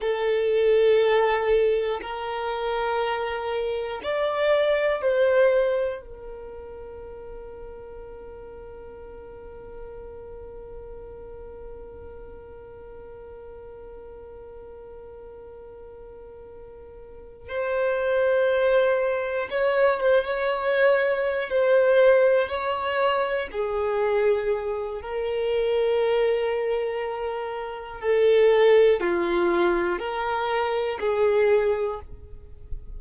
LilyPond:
\new Staff \with { instrumentName = "violin" } { \time 4/4 \tempo 4 = 60 a'2 ais'2 | d''4 c''4 ais'2~ | ais'1~ | ais'1~ |
ais'4. c''2 cis''8 | c''16 cis''4~ cis''16 c''4 cis''4 gis'8~ | gis'4 ais'2. | a'4 f'4 ais'4 gis'4 | }